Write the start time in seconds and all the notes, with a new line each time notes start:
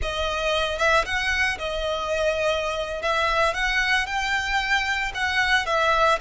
0.02 D#5
0.78 E5
1.05 F#5
1.58 D#5
3.02 E5
3.54 F#5
4.06 G5
5.14 F#5
5.66 E5